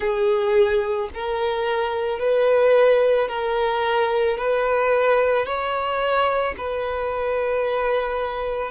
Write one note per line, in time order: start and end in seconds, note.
0.00 1.09 G#4
1.14 2.19 A#4
2.19 3.28 B4
3.28 4.37 A#4
4.37 5.45 B4
5.45 6.55 C#5
6.57 8.71 B4